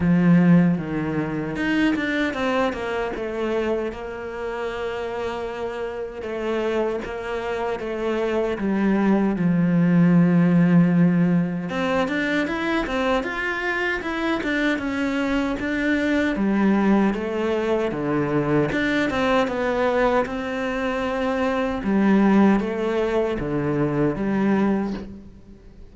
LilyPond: \new Staff \with { instrumentName = "cello" } { \time 4/4 \tempo 4 = 77 f4 dis4 dis'8 d'8 c'8 ais8 | a4 ais2. | a4 ais4 a4 g4 | f2. c'8 d'8 |
e'8 c'8 f'4 e'8 d'8 cis'4 | d'4 g4 a4 d4 | d'8 c'8 b4 c'2 | g4 a4 d4 g4 | }